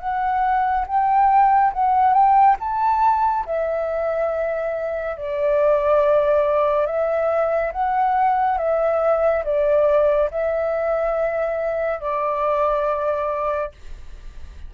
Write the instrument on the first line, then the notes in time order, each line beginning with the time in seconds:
flute
0.00 F#5
0.87 G5
1.73 F#5
2.14 G5
2.60 A5
3.46 E5
5.17 D5
6.86 E5
7.73 F#5
8.58 E5
9.44 D5
10.31 E5
12.01 D5